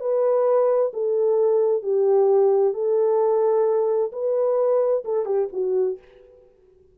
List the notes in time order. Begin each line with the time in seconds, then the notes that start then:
0.00 B4
0.93 A4
1.82 G4
2.74 A4
4.12 B4
5.04 A4
5.25 G4
5.52 F#4